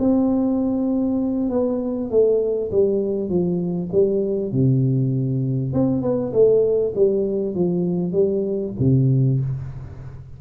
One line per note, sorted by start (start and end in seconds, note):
0.00 1.50 C4
1.50 2.10 B3
2.10 2.71 A3
2.71 3.29 G3
3.29 3.90 F3
3.92 4.52 G3
4.52 5.73 C3
5.74 6.02 C4
6.02 6.33 B3
6.33 6.94 A3
6.96 7.55 G3
7.55 8.13 F3
8.13 8.73 G3
8.79 9.40 C3